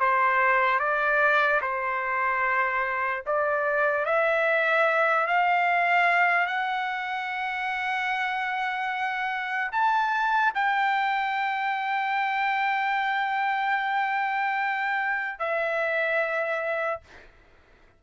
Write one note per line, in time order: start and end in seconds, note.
0.00 0.80 C5
0.80 1.61 D5
1.62 3.24 C5
3.27 4.06 D5
4.06 5.27 E5
5.27 6.47 F5
6.47 9.71 F#5
9.72 10.53 A5
10.55 15.39 G5
15.39 17.02 E5